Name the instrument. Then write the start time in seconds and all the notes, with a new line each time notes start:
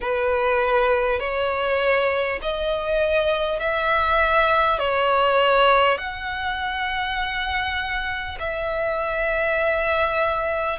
violin
0.01 B4
1.19 C#5
2.42 D#5
3.59 E5
4.78 C#5
5.98 F#5
8.39 E5